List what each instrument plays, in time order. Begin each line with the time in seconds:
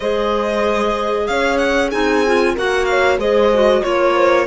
0.00 cello G#3, clarinet G#4, horn C5, violin D#5
1.27 cello C#4, horn C#5, violin F5
1.57 violin F#5
1.88 cello C4, clarinet D#4, horn G#4, violin G#5
2.26 clarinet F4
2.54 cello A#3, clarinet F#4, horn A#4, violin F#5
2.85 horn C#5, violin F5
3.18 cello G#3, clarinet G#4, horn C5, violin D#5
3.53 clarinet F#4
3.83 cello A#3, clarinet F4, violin C#5, horn C#5
4.14 horn C5